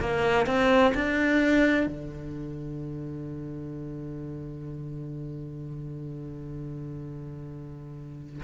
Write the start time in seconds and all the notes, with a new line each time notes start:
0.00 A#3
0.46 C4
0.94 D4
1.86 D3